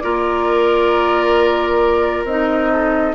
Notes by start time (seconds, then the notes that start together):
0.00 A#3 F4 A#4 D5
2.25 C4 D#4 D#5
2.72 A4